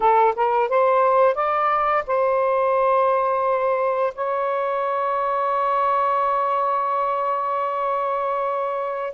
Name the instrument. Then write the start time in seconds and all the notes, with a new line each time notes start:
saxophone
0.00 A4
0.35 A#4
0.68 C5
1.34 D5
2.07 C5
4.14 C#5